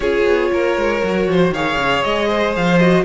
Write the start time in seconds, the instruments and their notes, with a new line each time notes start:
0.00 cello C#4, viola F4, violin G#4 C#5
0.25 cello B3
0.51 cello A#3, violin A#4
0.77 cello G#3
1.03 cello F#3, viola F#4
1.27 cello F3, violin C5
1.50 cello D#3, viola G#4, violin C#5 F5
1.76 cello C#3
2.03 cello G#3, violin D#5
2.28 violin C5
2.56 cello F3, violin F5
2.78 viola F#4, violin D#5